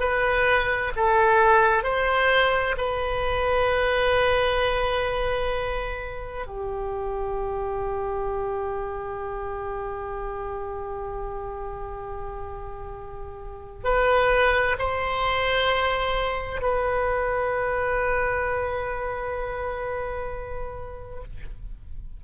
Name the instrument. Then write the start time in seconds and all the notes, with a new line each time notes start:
oboe
0.00 B4
0.96 A4
1.83 C5
2.77 B4
6.47 G4
13.84 B4
14.79 C5
16.61 B4